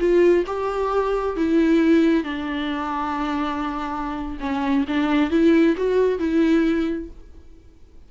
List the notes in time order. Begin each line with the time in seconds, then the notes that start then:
0.00 F4
0.47 G4
1.37 E4
2.24 D4
4.40 C#4
4.88 D4
5.31 E4
5.77 F#4
6.19 E4